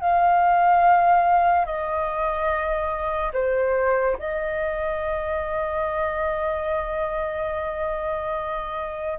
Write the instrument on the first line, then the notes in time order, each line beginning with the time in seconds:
flute
0.00 F5
1.66 D#5
3.33 C5
4.19 D#5